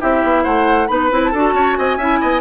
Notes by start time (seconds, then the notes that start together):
0.00 C4 E4 G4 E5
0.23 B3
0.43 A3 C5 F#5
0.87 B3 D#4 B4 B5
1.11 C4 E4
1.24 A5
1.31 D4 F#4 A4
1.53 C#4 C#5
1.76 C4 D#5 G#5
1.97 C#4 E4 E5
2.20 B3 D#5